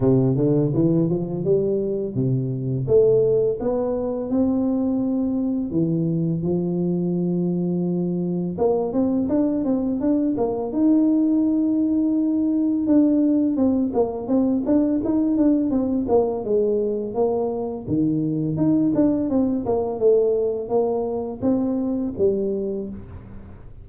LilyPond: \new Staff \with { instrumentName = "tuba" } { \time 4/4 \tempo 4 = 84 c8 d8 e8 f8 g4 c4 | a4 b4 c'2 | e4 f2. | ais8 c'8 d'8 c'8 d'8 ais8 dis'4~ |
dis'2 d'4 c'8 ais8 | c'8 d'8 dis'8 d'8 c'8 ais8 gis4 | ais4 dis4 dis'8 d'8 c'8 ais8 | a4 ais4 c'4 g4 | }